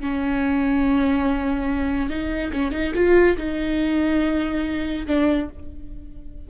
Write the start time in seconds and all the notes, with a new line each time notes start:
0.00 C#4
2.09 D#4
2.52 C#4
2.71 D#4
2.94 F4
3.37 D#4
5.06 D4